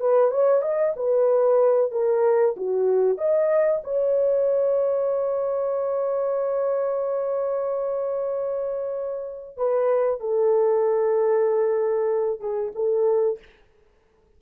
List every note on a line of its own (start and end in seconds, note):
0.00 0.30 B4
0.30 0.61 C#5
0.61 0.93 D#5
0.96 1.91 B4
1.91 2.55 A#4
2.56 3.17 F#4
3.17 3.81 D#5
3.84 9.57 C#5
9.57 10.20 B4
10.20 12.40 A4
12.40 12.72 G#4
12.75 13.39 A4